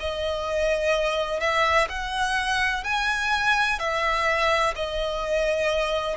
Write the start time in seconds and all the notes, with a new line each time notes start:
0.00 D#5
1.40 E5
1.89 F#5
2.84 G#5
3.79 E5
4.76 D#5